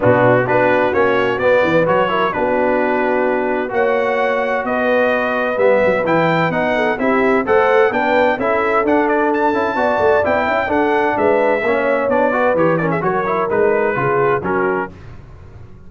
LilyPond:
<<
  \new Staff \with { instrumentName = "trumpet" } { \time 4/4 \tempo 4 = 129 fis'4 b'4 cis''4 d''4 | cis''4 b'2. | fis''2 dis''2 | e''4 g''4 fis''4 e''4 |
fis''4 g''4 e''4 fis''8 d''8 | a''2 g''4 fis''4 | e''2 d''4 cis''8 d''16 e''16 | cis''4 b'2 ais'4 | }
  \new Staff \with { instrumentName = "horn" } { \time 4/4 d'4 fis'2~ fis'8 b'8~ | b'8 ais'8 fis'2. | cis''2 b'2~ | b'2~ b'8 a'8 g'4 |
c''4 b'4 a'2~ | a'4 d''4. e''8 a'4 | b'4 cis''4. b'4 ais'16 gis'16 | ais'2 gis'4 fis'4 | }
  \new Staff \with { instrumentName = "trombone" } { \time 4/4 b4 d'4 cis'4 b4 | fis'8 e'8 d'2. | fis'1 | b4 e'4 dis'4 e'4 |
a'4 d'4 e'4 d'4~ | d'8 e'8 fis'4 e'4 d'4~ | d'4 cis'4 d'8 fis'8 g'8 cis'8 | fis'8 e'8 dis'4 f'4 cis'4 | }
  \new Staff \with { instrumentName = "tuba" } { \time 4/4 b,4 b4 ais4 b8 e8 | fis4 b2. | ais2 b2 | g8 fis8 e4 b4 c'4 |
a4 b4 cis'4 d'4~ | d'8 cis'8 b8 a8 b8 cis'8 d'4 | gis4 ais4 b4 e4 | fis4 gis4 cis4 fis4 | }
>>